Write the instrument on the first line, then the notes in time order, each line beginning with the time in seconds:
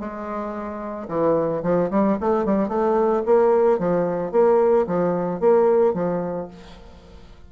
bassoon
0.00 G#3
1.09 E3
1.63 F3
1.91 G3
2.21 A3
2.46 G3
2.69 A3
3.26 A#3
3.79 F3
4.32 A#3
4.87 F3
5.40 A#3
5.94 F3